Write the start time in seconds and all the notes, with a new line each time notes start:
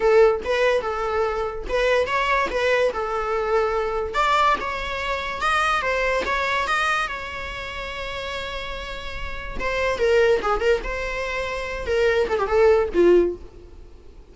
0.00 A4
0.44 B4
0.81 A4
1.68 B4
2.06 C#5
2.50 B4
2.93 A4
4.14 D5
4.60 C#5
5.41 D#5
5.81 C5
6.25 C#5
6.67 D#5
7.07 C#5
9.59 C5
9.98 A#4
10.42 G#4
10.60 A#4
10.83 C5
11.86 A#4
12.28 A4
12.39 G4
12.47 A4
12.93 F4